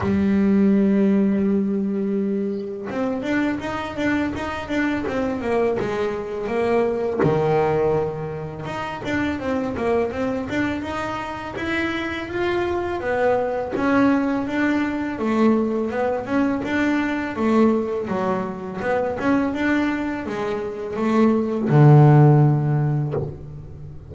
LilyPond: \new Staff \with { instrumentName = "double bass" } { \time 4/4 \tempo 4 = 83 g1 | c'8 d'8 dis'8 d'8 dis'8 d'8 c'8 ais8 | gis4 ais4 dis2 | dis'8 d'8 c'8 ais8 c'8 d'8 dis'4 |
e'4 f'4 b4 cis'4 | d'4 a4 b8 cis'8 d'4 | a4 fis4 b8 cis'8 d'4 | gis4 a4 d2 | }